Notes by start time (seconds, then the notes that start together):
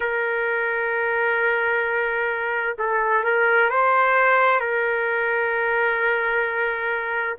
0.00 A#4
2.78 A4
3.23 A#4
3.69 C5
4.59 A#4